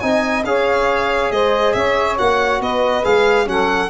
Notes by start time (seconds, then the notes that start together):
0.00 C4 D#4 D#5 G#5
0.44 C#4 G#4 C#5 F5
1.31 G#3 C5 D#5
1.73 C#4 C#5 E5
2.18 A#3 F#4 F#5
2.61 B3 B4 D#5
3.04 G#3 G#4 F5
3.46 F#3 C#4 A4 F#5